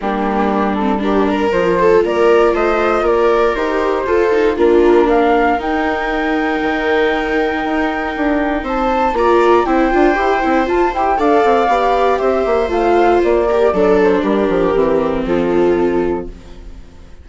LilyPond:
<<
  \new Staff \with { instrumentName = "flute" } { \time 4/4 \tempo 4 = 118 g'4. a'8 ais'4 c''4 | d''4 dis''4 d''4 c''4~ | c''4 ais'4 f''4 g''4~ | g''1~ |
g''4 a''4 ais''4 g''4~ | g''4 a''8 g''8 f''2 | e''4 f''4 d''4. c''8 | ais'2 a'2 | }
  \new Staff \with { instrumentName = "viola" } { \time 4/4 d'2 g'8 ais'4 a'8 | ais'4 c''4 ais'2 | a'4 f'4 ais'2~ | ais'1~ |
ais'4 c''4 d''4 c''4~ | c''2 d''2 | c''2~ c''8 ais'8 a'4 | g'2 f'2 | }
  \new Staff \with { instrumentName = "viola" } { \time 4/4 ais4. c'8 d'4 f'4~ | f'2. g'4 | f'8 dis'8 d'2 dis'4~ | dis'1~ |
dis'2 f'4 e'8 f'8 | g'8 e'8 f'8 g'8 a'4 g'4~ | g'4 f'4. g'8 d'4~ | d'4 c'2. | }
  \new Staff \with { instrumentName = "bassoon" } { \time 4/4 g2. f4 | ais4 a4 ais4 dis'4 | f'4 ais2 dis'4~ | dis'4 dis2 dis'4 |
d'4 c'4 ais4 c'8 d'8 | e'8 c'8 f'8 e'8 d'8 c'8 b4 | c'8 ais8 a4 ais4 fis4 | g8 f8 e4 f2 | }
>>